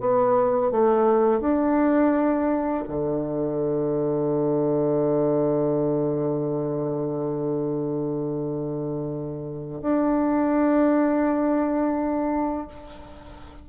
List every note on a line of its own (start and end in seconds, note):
0.00 0.71 B3
0.71 1.41 A3
1.41 2.83 D4
2.88 9.81 D3
9.81 12.67 D4